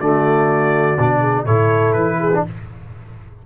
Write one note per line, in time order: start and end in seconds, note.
0.00 0.98 D3
0.00 0.98 A3
0.00 1.21 F#4
0.00 1.46 D5
0.98 1.47 B2
0.98 1.47 D4
1.21 1.45 G#4
1.46 1.95 A2
1.46 2.32 E4
1.46 2.20 A4
1.46 1.93 C#5
1.93 2.44 E3
1.93 2.42 B4
2.20 2.45 G#4
2.34 2.47 D4